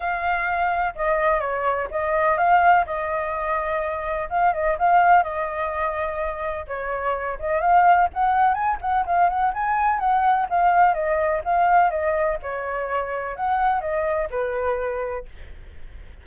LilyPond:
\new Staff \with { instrumentName = "flute" } { \time 4/4 \tempo 4 = 126 f''2 dis''4 cis''4 | dis''4 f''4 dis''2~ | dis''4 f''8 dis''8 f''4 dis''4~ | dis''2 cis''4. dis''8 |
f''4 fis''4 gis''8 fis''8 f''8 fis''8 | gis''4 fis''4 f''4 dis''4 | f''4 dis''4 cis''2 | fis''4 dis''4 b'2 | }